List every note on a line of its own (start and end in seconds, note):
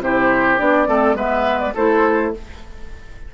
0.00 0.58 C3
0.00 0.58 E4
0.00 0.88 G4
0.00 0.59 C5
0.58 0.88 B3
0.58 0.86 D4
0.58 1.17 D5
0.86 1.15 A3
0.86 1.15 C4
0.86 1.16 A4
1.15 1.72 G#3
1.15 1.73 B3
1.15 1.74 B4
1.15 1.60 E5
1.60 1.74 D5
1.75 2.34 A3
1.75 2.34 E4
1.75 2.32 A4
1.75 2.34 C5